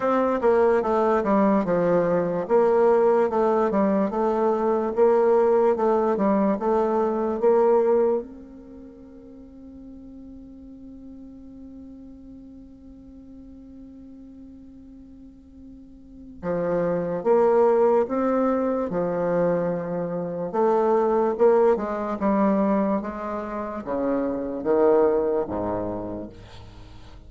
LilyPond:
\new Staff \with { instrumentName = "bassoon" } { \time 4/4 \tempo 4 = 73 c'8 ais8 a8 g8 f4 ais4 | a8 g8 a4 ais4 a8 g8 | a4 ais4 c'2~ | c'1~ |
c'1 | f4 ais4 c'4 f4~ | f4 a4 ais8 gis8 g4 | gis4 cis4 dis4 gis,4 | }